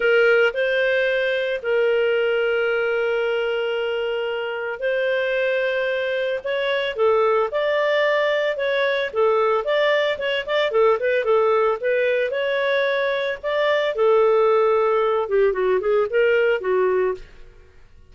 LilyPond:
\new Staff \with { instrumentName = "clarinet" } { \time 4/4 \tempo 4 = 112 ais'4 c''2 ais'4~ | ais'1~ | ais'4 c''2. | cis''4 a'4 d''2 |
cis''4 a'4 d''4 cis''8 d''8 | a'8 b'8 a'4 b'4 cis''4~ | cis''4 d''4 a'2~ | a'8 g'8 fis'8 gis'8 ais'4 fis'4 | }